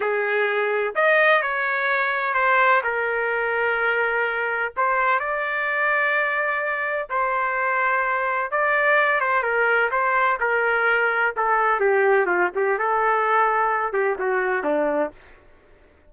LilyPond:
\new Staff \with { instrumentName = "trumpet" } { \time 4/4 \tempo 4 = 127 gis'2 dis''4 cis''4~ | cis''4 c''4 ais'2~ | ais'2 c''4 d''4~ | d''2. c''4~ |
c''2 d''4. c''8 | ais'4 c''4 ais'2 | a'4 g'4 f'8 g'8 a'4~ | a'4. g'8 fis'4 d'4 | }